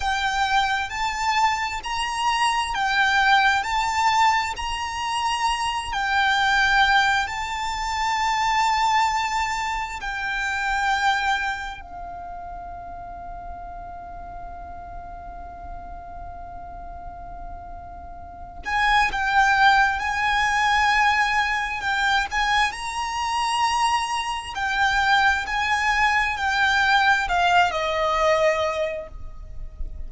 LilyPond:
\new Staff \with { instrumentName = "violin" } { \time 4/4 \tempo 4 = 66 g''4 a''4 ais''4 g''4 | a''4 ais''4. g''4. | a''2. g''4~ | g''4 f''2.~ |
f''1~ | f''8 gis''8 g''4 gis''2 | g''8 gis''8 ais''2 g''4 | gis''4 g''4 f''8 dis''4. | }